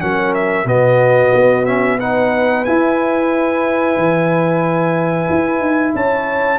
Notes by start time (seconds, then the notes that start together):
0.00 F#3 C#4 A#4 F#5
0.35 E5
0.66 B2 B3 F#4 D#5
1.35 B3
1.66 C#4 E5
1.99 D#4 B4 F#5
2.65 E4 G#5
3.97 E3
5.30 E4
5.60 D#4
5.95 C#4 C#5 A5